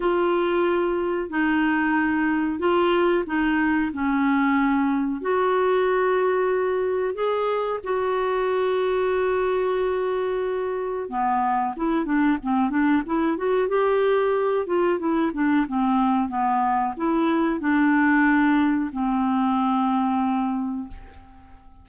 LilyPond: \new Staff \with { instrumentName = "clarinet" } { \time 4/4 \tempo 4 = 92 f'2 dis'2 | f'4 dis'4 cis'2 | fis'2. gis'4 | fis'1~ |
fis'4 b4 e'8 d'8 c'8 d'8 | e'8 fis'8 g'4. f'8 e'8 d'8 | c'4 b4 e'4 d'4~ | d'4 c'2. | }